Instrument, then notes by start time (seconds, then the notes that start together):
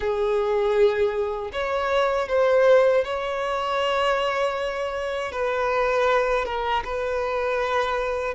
violin
0.00 G#4
1.52 C#5
2.28 C5
3.04 C#5
5.32 B4
6.45 A#4
6.84 B4